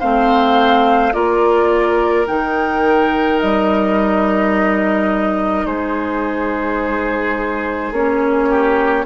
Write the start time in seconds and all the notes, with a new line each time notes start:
0.00 A3 C4 C5 F5
1.13 A#3 F4 A#4 D5
2.27 D#3 D#4 G5
3.40 G3 D#5
5.66 G#3 G#4 C5
7.92 A#3 C#4 C#5
8.49 G4